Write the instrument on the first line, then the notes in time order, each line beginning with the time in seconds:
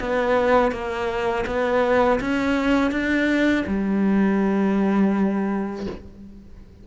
cello
0.00 B3
0.72 A#3
1.46 B3
2.20 C#4
2.91 D4
3.67 G3